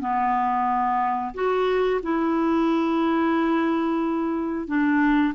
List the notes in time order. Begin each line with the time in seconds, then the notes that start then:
0.00 B3
1.34 F#4
2.02 E4
4.67 D4